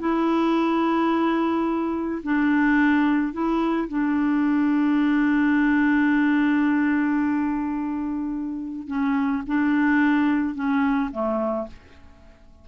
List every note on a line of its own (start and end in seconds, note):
0.00 2.22 E4
2.23 3.33 D4
3.33 3.88 E4
3.89 8.87 D4
8.87 9.43 C#4
9.47 10.55 D4
10.55 11.11 C#4
11.12 11.67 A3